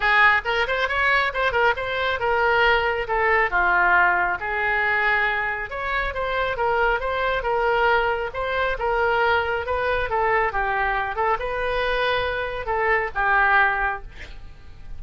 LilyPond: \new Staff \with { instrumentName = "oboe" } { \time 4/4 \tempo 4 = 137 gis'4 ais'8 c''8 cis''4 c''8 ais'8 | c''4 ais'2 a'4 | f'2 gis'2~ | gis'4 cis''4 c''4 ais'4 |
c''4 ais'2 c''4 | ais'2 b'4 a'4 | g'4. a'8 b'2~ | b'4 a'4 g'2 | }